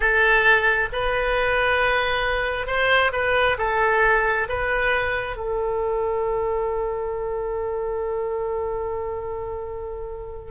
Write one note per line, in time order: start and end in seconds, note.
0.00 0.88 A4
0.92 2.66 B4
2.66 3.11 C5
3.12 3.57 B4
3.57 4.47 A4
4.49 5.36 B4
5.36 10.51 A4